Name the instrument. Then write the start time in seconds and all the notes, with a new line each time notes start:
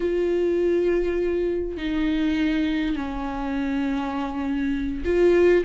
viola
0.00 F4
1.77 D#4
2.95 C#4
5.04 F4